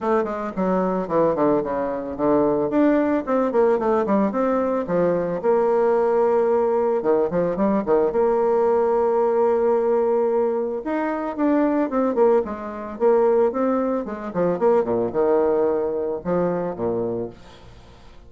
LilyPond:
\new Staff \with { instrumentName = "bassoon" } { \time 4/4 \tempo 4 = 111 a8 gis8 fis4 e8 d8 cis4 | d4 d'4 c'8 ais8 a8 g8 | c'4 f4 ais2~ | ais4 dis8 f8 g8 dis8 ais4~ |
ais1 | dis'4 d'4 c'8 ais8 gis4 | ais4 c'4 gis8 f8 ais8 ais,8 | dis2 f4 ais,4 | }